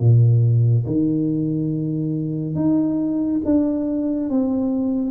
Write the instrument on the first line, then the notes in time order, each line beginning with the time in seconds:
tuba
0.00 A#2
0.86 D#3
2.56 D#4
3.45 D4
4.30 C4